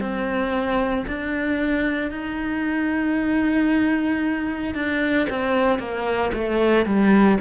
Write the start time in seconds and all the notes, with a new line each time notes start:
0.00 C4
1.07 D4
2.11 D#4
4.75 D4
5.30 C4
5.79 A#3
6.33 A3
6.86 G3